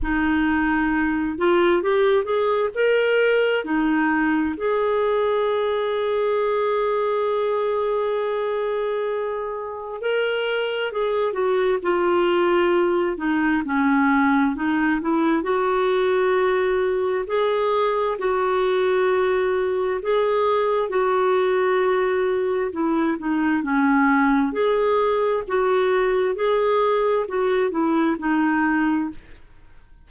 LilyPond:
\new Staff \with { instrumentName = "clarinet" } { \time 4/4 \tempo 4 = 66 dis'4. f'8 g'8 gis'8 ais'4 | dis'4 gis'2.~ | gis'2. ais'4 | gis'8 fis'8 f'4. dis'8 cis'4 |
dis'8 e'8 fis'2 gis'4 | fis'2 gis'4 fis'4~ | fis'4 e'8 dis'8 cis'4 gis'4 | fis'4 gis'4 fis'8 e'8 dis'4 | }